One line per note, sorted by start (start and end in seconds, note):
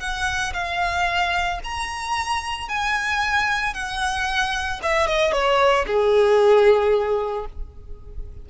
0.00 0.53 F#5
0.54 1.60 F5
1.64 2.69 A#5
2.69 3.74 G#5
3.74 4.80 F#5
4.83 5.07 E5
5.07 5.33 D#5
5.33 5.86 C#5
5.87 7.46 G#4